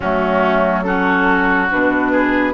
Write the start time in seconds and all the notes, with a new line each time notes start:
0.00 F#3 A3 C#4 F#4
0.83 C#4 F#4 A4
1.71 B2 D4 B4
2.12 G#4